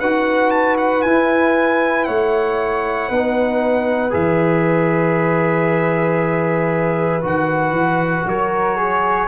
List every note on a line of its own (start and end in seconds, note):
0.00 1.05 D#4
0.00 1.06 F#4
0.00 2.07 B4
0.00 0.51 F#5
0.51 0.77 A5
0.78 1.02 F#5
1.02 2.09 E4
1.02 3.11 E4
1.02 2.05 G#5
2.05 3.10 A3
2.05 3.09 C#5
2.05 4.12 F#5
3.09 4.14 B3
3.09 4.11 D#4
3.09 8.26 B4
4.11 7.24 E3
4.11 7.21 G#4
4.11 7.24 E5
7.22 7.71 D#3
7.22 9.28 F#4
7.22 8.29 F#5
7.71 8.23 E3
8.26 9.28 F#3
8.26 8.77 A#4
8.26 9.28 C#5
8.77 9.28 G#4